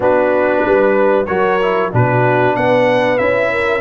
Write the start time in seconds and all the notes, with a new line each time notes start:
0.00 B3 D4 F#4 B4
0.64 G3 B4
1.26 F#3 F#4 A#4 C#5
1.61 E4
1.92 B2 D4 F#4 B4
2.55 B3 B4 F#5
3.18 C#4 E4 E5
3.51 A#4